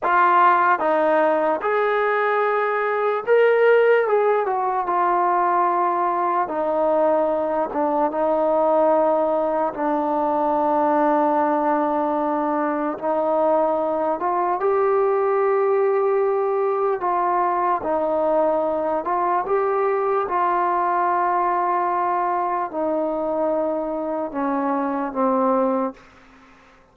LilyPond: \new Staff \with { instrumentName = "trombone" } { \time 4/4 \tempo 4 = 74 f'4 dis'4 gis'2 | ais'4 gis'8 fis'8 f'2 | dis'4. d'8 dis'2 | d'1 |
dis'4. f'8 g'2~ | g'4 f'4 dis'4. f'8 | g'4 f'2. | dis'2 cis'4 c'4 | }